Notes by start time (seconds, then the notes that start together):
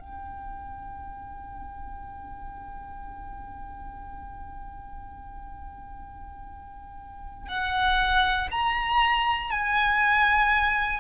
0.00 G5
7.49 F#5
8.51 A#5
9.50 G#5